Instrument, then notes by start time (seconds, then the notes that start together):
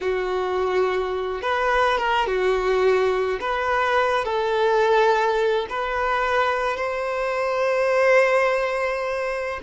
violin
0.00 F#4
1.42 B4
1.98 A#4
2.26 F#4
3.40 B4
4.25 A4
5.69 B4
6.76 C5